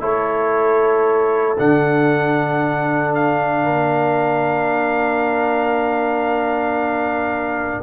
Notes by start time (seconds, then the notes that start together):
0.00 A3 E4 A4 C#5
1.58 D3 D4 F#5
3.15 F5
3.64 A#3 A#4